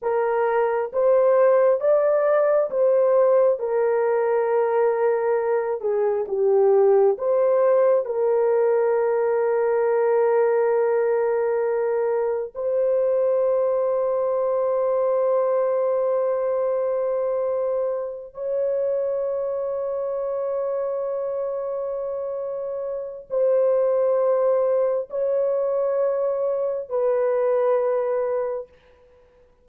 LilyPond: \new Staff \with { instrumentName = "horn" } { \time 4/4 \tempo 4 = 67 ais'4 c''4 d''4 c''4 | ais'2~ ais'8 gis'8 g'4 | c''4 ais'2.~ | ais'2 c''2~ |
c''1~ | c''8 cis''2.~ cis''8~ | cis''2 c''2 | cis''2 b'2 | }